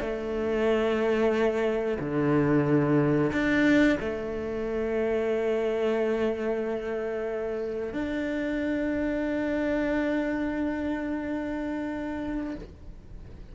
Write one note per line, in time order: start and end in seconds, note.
0.00 1.98 A3
1.99 3.31 D3
3.32 3.98 D4
4.00 7.93 A3
7.93 12.55 D4